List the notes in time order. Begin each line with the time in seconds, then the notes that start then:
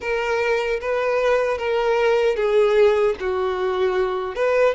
0.00 A#4
0.81 B4
1.58 A#4
2.36 G#4
3.20 F#4
4.35 B4